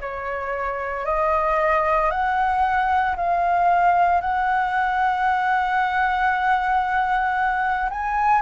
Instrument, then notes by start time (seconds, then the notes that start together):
flute
0.00 C#5
1.05 D#5
2.11 F#5
3.16 F5
4.21 F#5
7.90 G#5